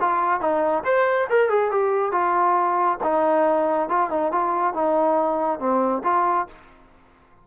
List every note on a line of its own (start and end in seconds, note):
0.00 0.40 F4
0.40 0.84 D#4
0.84 1.28 C5
1.30 1.50 A#4
1.50 1.71 G#4
1.71 2.12 G4
2.12 2.98 F4
3.03 3.89 D#4
3.89 4.10 F4
4.10 4.32 D#4
4.32 4.74 F4
4.74 5.59 D#4
5.59 6.03 C4
6.04 6.47 F4